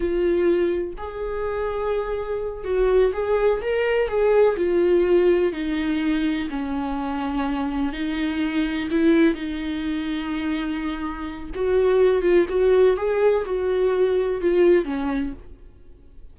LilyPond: \new Staff \with { instrumentName = "viola" } { \time 4/4 \tempo 4 = 125 f'2 gis'2~ | gis'4. fis'4 gis'4 ais'8~ | ais'8 gis'4 f'2 dis'8~ | dis'4. cis'2~ cis'8~ |
cis'8 dis'2 e'4 dis'8~ | dis'1 | fis'4. f'8 fis'4 gis'4 | fis'2 f'4 cis'4 | }